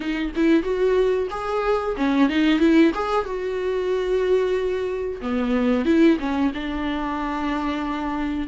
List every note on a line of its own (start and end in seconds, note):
0.00 0.32 D#4
0.35 0.63 E4
0.63 1.28 F#4
1.30 1.95 G#4
1.97 2.29 C#4
2.29 2.59 D#4
2.59 2.91 E4
2.94 3.25 G#4
3.25 5.20 F#4
5.21 5.85 B3
5.85 6.17 E4
6.19 6.52 C#4
6.54 8.47 D4